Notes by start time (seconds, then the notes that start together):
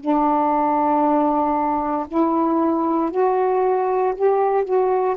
0.00 D4
2.08 E4
3.11 F#4
4.15 G4
4.65 F#4